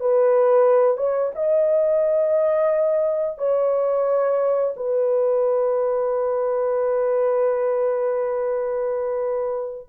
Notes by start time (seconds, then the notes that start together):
0.00 B4
0.97 C#5
1.35 D#5
3.38 C#5
4.76 B4